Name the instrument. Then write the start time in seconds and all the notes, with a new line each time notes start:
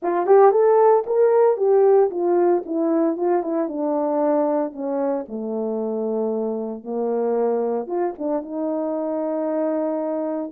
horn
0.02 F4
0.26 G4
0.51 A4
1.06 A#4
1.57 G4
2.10 F4
2.65 E4
3.16 F4
3.42 E4
3.68 D4
4.72 C#4
5.28 A3
6.83 A#3
7.86 F4
8.18 D4
8.42 D#4